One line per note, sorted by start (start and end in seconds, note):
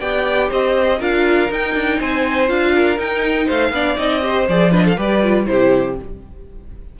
0.00 0.51 B3
0.00 1.00 G4
0.00 0.49 D5
0.00 0.50 G5
0.49 1.01 C4
0.49 0.99 C5
0.49 1.02 D#5
1.00 1.50 D4
1.00 1.49 F4
1.00 1.99 A#4
1.00 1.52 F5
1.49 2.48 D#4
1.49 1.75 D#4
1.49 2.01 G5
1.75 1.99 D4
1.99 2.50 C4
1.99 2.74 C5
1.99 2.49 G#5
2.48 2.98 D4
2.48 2.97 F4
2.48 2.99 F5
2.76 3.46 A#4
2.98 3.48 D#4
2.98 3.73 D#4
2.98 3.49 G5
3.46 3.71 A3
3.46 3.71 C5
3.46 3.97 F5
3.71 3.96 B3
3.71 3.97 D4
3.71 4.24 D5
3.97 4.48 C4
3.97 4.21 D#4
3.97 4.47 D#5
4.22 4.47 G4
4.22 4.71 C5
4.48 4.97 F3
4.48 4.72 G#4
4.48 4.74 D5
4.71 4.97 D4
4.71 4.83 B4
4.71 4.87 D#5
4.85 4.97 A4
4.85 5.00 F5
4.97 5.47 G3
4.97 5.22 G4
4.97 5.46 B4
4.97 5.46 D5
5.23 5.46 F4
5.46 6.00 C3
5.46 5.96 E4
5.46 6.00 G4
5.46 5.96 C5